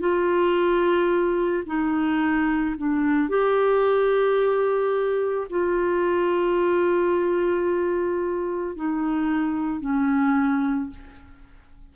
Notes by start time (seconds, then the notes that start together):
0.00 F4
1.67 D#4
2.77 D4
3.29 G4
5.50 F4
8.76 D#4
9.81 C#4